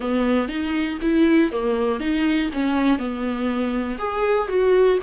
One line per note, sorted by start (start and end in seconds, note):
0.00 0.48 B3
0.48 0.98 D#4
1.01 1.51 E4
1.51 2.00 A#3
2.00 2.50 D#4
2.53 2.98 C#4
2.98 3.98 B3
3.98 4.48 G#4
4.48 4.98 F#4